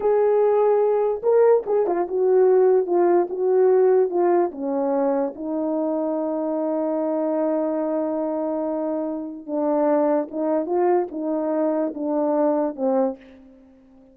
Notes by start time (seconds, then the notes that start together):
0.00 G#4
1.22 A#4
1.66 G#4
1.86 F4
2.08 F#4
2.86 F4
3.29 F#4
4.09 F4
4.51 C#4
5.35 D#4
9.46 D4
10.30 D#4
10.66 F4
11.11 D#4
11.94 D4
12.75 C4